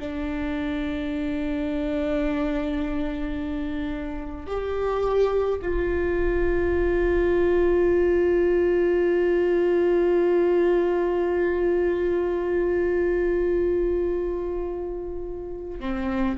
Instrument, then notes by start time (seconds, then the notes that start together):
viola
0.00 D4
4.47 G4
5.62 F4
15.80 C4